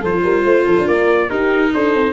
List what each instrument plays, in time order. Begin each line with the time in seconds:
0.00 tuba F3, viola F4, horn A4, trumpet C5
0.23 tuba G3, horn A#4
0.44 tuba A3, horn C5
0.65 tuba F3, horn A4
0.78 tuba D4
0.87 tuba A#3, horn A#4, trumpet D5
1.29 viola D#4, tuba D#4, horn G4, trumpet A#4
1.73 tuba D4, horn A4, trumpet C5
1.94 tuba C4